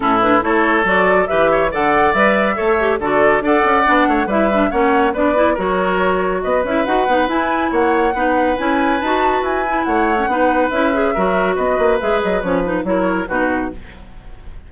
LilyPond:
<<
  \new Staff \with { instrumentName = "flute" } { \time 4/4 \tempo 4 = 140 a'8 b'8 cis''4 d''4 e''4 | fis''4 e''2 d''4 | fis''2 e''4 fis''4 | d''4 cis''2 dis''8 e''8 |
fis''4 gis''4 fis''2 | gis''4 a''4 gis''4 fis''4~ | fis''4 e''2 dis''4 | e''8 dis''8 cis''8 b'8 cis''4 b'4 | }
  \new Staff \with { instrumentName = "oboe" } { \time 4/4 e'4 a'2 b'8 cis''8 | d''2 cis''4 a'4 | d''4. cis''8 b'4 cis''4 | b'4 ais'2 b'4~ |
b'2 cis''4 b'4~ | b'2. cis''4 | b'2 ais'4 b'4~ | b'2 ais'4 fis'4 | }
  \new Staff \with { instrumentName = "clarinet" } { \time 4/4 cis'8 d'8 e'4 fis'4 g'4 | a'4 b'4 a'8 g'8 fis'4 | a'4 d'4 e'8 d'8 cis'4 | d'8 e'8 fis'2~ fis'8 e'8 |
fis'8 dis'8 e'2 dis'4 | e'4 fis'4. e'4~ e'16 cis'16 | dis'4 e'8 gis'8 fis'2 | gis'4 cis'8 dis'8 e'4 dis'4 | }
  \new Staff \with { instrumentName = "bassoon" } { \time 4/4 a,4 a4 fis4 e4 | d4 g4 a4 d4 | d'8 cis'8 b8 a8 g4 ais4 | b4 fis2 b8 cis'8 |
dis'8 b8 e'4 ais4 b4 | cis'4 dis'4 e'4 a4 | b4 cis'4 fis4 b8 ais8 | gis8 fis8 f4 fis4 b,4 | }
>>